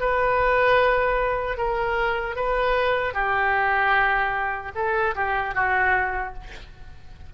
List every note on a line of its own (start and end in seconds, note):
0.00 1.58 B4
1.58 2.36 A#4
2.36 3.14 B4
3.14 4.72 G4
4.75 5.15 A4
5.16 5.55 G4
5.55 6.34 F#4